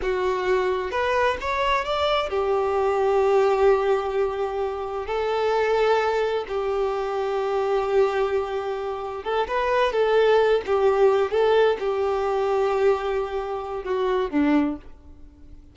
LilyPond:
\new Staff \with { instrumentName = "violin" } { \time 4/4 \tempo 4 = 130 fis'2 b'4 cis''4 | d''4 g'2.~ | g'2. a'4~ | a'2 g'2~ |
g'1 | a'8 b'4 a'4. g'4~ | g'8 a'4 g'2~ g'8~ | g'2 fis'4 d'4 | }